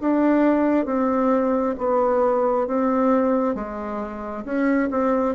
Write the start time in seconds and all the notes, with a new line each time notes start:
0.00 D4
0.85 C4
1.78 B3
2.67 C4
3.55 G#3
4.45 C#4
4.91 C4